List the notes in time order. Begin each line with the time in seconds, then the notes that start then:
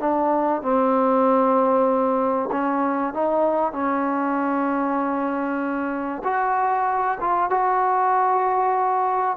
0.00 D4
0.62 C4
2.52 C#4
3.14 D#4
3.73 C#4
6.24 F#4
7.21 F4
7.50 F#4